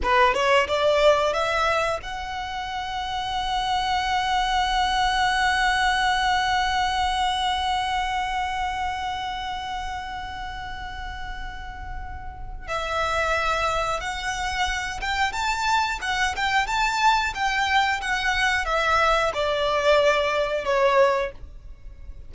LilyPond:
\new Staff \with { instrumentName = "violin" } { \time 4/4 \tempo 4 = 90 b'8 cis''8 d''4 e''4 fis''4~ | fis''1~ | fis''1~ | fis''1~ |
fis''2. e''4~ | e''4 fis''4. g''8 a''4 | fis''8 g''8 a''4 g''4 fis''4 | e''4 d''2 cis''4 | }